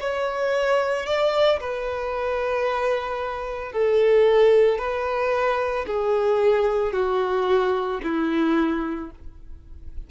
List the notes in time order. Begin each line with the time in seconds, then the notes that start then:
0.00 C#5
1.06 D5
1.60 B4
3.72 A4
4.78 B4
5.86 G#4
6.93 F#4
8.03 E4